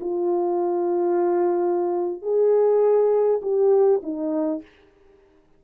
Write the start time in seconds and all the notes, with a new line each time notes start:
0.00 F4
2.22 G#4
3.42 G4
4.02 D#4